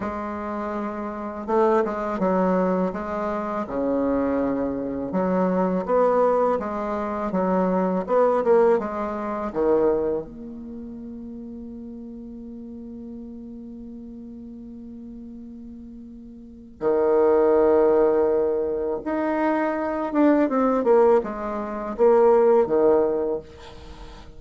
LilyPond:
\new Staff \with { instrumentName = "bassoon" } { \time 4/4 \tempo 4 = 82 gis2 a8 gis8 fis4 | gis4 cis2 fis4 | b4 gis4 fis4 b8 ais8 | gis4 dis4 ais2~ |
ais1~ | ais2. dis4~ | dis2 dis'4. d'8 | c'8 ais8 gis4 ais4 dis4 | }